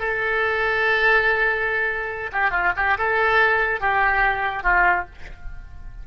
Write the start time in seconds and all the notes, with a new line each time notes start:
0.00 A4
2.33 G4
2.51 F4
2.77 G4
2.98 A4
3.81 G4
4.64 F4